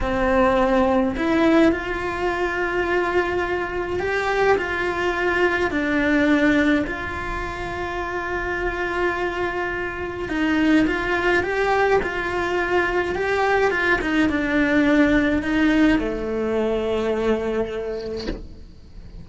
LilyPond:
\new Staff \with { instrumentName = "cello" } { \time 4/4 \tempo 4 = 105 c'2 e'4 f'4~ | f'2. g'4 | f'2 d'2 | f'1~ |
f'2 dis'4 f'4 | g'4 f'2 g'4 | f'8 dis'8 d'2 dis'4 | a1 | }